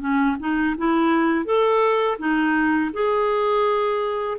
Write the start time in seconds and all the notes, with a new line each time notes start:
0.00 C#4
0.39 D#4
0.78 E4
1.45 A4
2.19 D#4
2.93 G#4